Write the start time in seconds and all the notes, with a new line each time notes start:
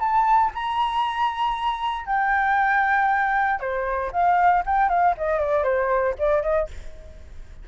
0.00 A5
0.55 A#5
2.06 G5
3.60 C5
4.13 F5
4.66 G5
4.90 F5
5.17 D#5
5.40 D5
5.64 C5
6.19 D5
6.43 D#5